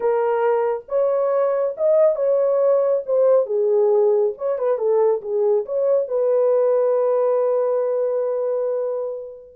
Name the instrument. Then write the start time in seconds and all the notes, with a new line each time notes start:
horn
0.00 A#4
0.88 C#5
1.77 D#5
2.15 C#5
3.06 C5
3.45 G#4
4.37 C#5
4.58 B4
4.77 A4
5.21 G#4
5.65 C#5
6.08 B4